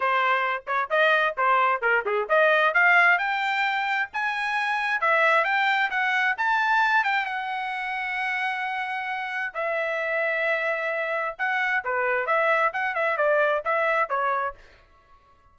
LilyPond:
\new Staff \with { instrumentName = "trumpet" } { \time 4/4 \tempo 4 = 132 c''4. cis''8 dis''4 c''4 | ais'8 gis'8 dis''4 f''4 g''4~ | g''4 gis''2 e''4 | g''4 fis''4 a''4. g''8 |
fis''1~ | fis''4 e''2.~ | e''4 fis''4 b'4 e''4 | fis''8 e''8 d''4 e''4 cis''4 | }